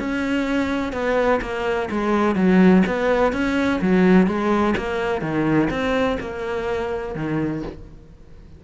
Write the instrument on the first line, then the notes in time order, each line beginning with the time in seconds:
cello
0.00 C#4
0.93 B3
1.42 A#3
1.91 G#3
2.36 F#3
2.87 B3
3.33 C#4
3.82 F#3
4.27 G#3
4.77 A#3
5.22 D#3
5.71 C4
6.21 A#3
7.16 D#3